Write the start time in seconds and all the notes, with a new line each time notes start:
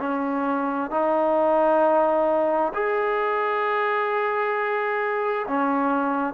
0.00 C#4
0.91 D#4
2.74 G#4
5.48 C#4